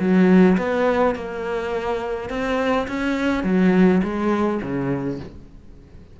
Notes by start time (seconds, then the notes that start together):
0.00 F#3
0.58 B3
1.15 A#3
2.30 C4
2.88 C#4
3.44 F#3
4.04 G#3
4.63 C#3